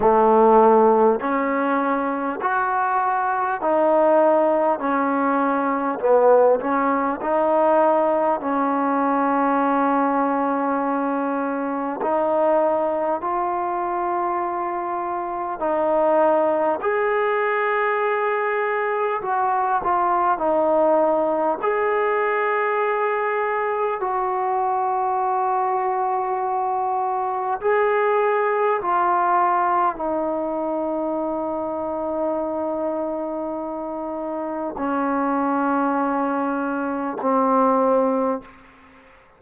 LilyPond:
\new Staff \with { instrumentName = "trombone" } { \time 4/4 \tempo 4 = 50 a4 cis'4 fis'4 dis'4 | cis'4 b8 cis'8 dis'4 cis'4~ | cis'2 dis'4 f'4~ | f'4 dis'4 gis'2 |
fis'8 f'8 dis'4 gis'2 | fis'2. gis'4 | f'4 dis'2.~ | dis'4 cis'2 c'4 | }